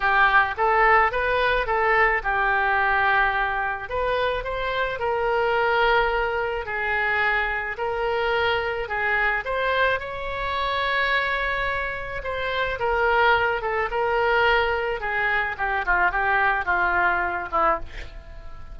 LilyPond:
\new Staff \with { instrumentName = "oboe" } { \time 4/4 \tempo 4 = 108 g'4 a'4 b'4 a'4 | g'2. b'4 | c''4 ais'2. | gis'2 ais'2 |
gis'4 c''4 cis''2~ | cis''2 c''4 ais'4~ | ais'8 a'8 ais'2 gis'4 | g'8 f'8 g'4 f'4. e'8 | }